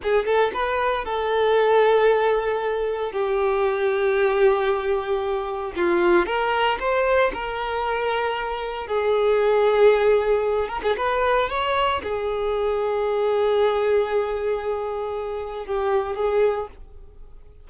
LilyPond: \new Staff \with { instrumentName = "violin" } { \time 4/4 \tempo 4 = 115 gis'8 a'8 b'4 a'2~ | a'2 g'2~ | g'2. f'4 | ais'4 c''4 ais'2~ |
ais'4 gis'2.~ | gis'8 ais'16 gis'16 b'4 cis''4 gis'4~ | gis'1~ | gis'2 g'4 gis'4 | }